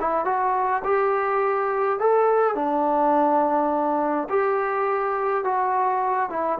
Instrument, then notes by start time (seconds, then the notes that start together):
trombone
0.00 E4
0.25 F#4
0.84 G4
1.99 A4
2.55 D4
4.29 G4
5.44 F#4
6.29 E4